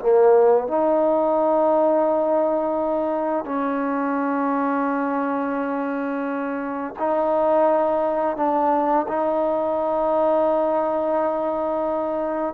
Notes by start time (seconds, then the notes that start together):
0.00 A#3
0.68 D#4
3.46 C#4
7.00 D#4
8.37 D4
9.08 D#4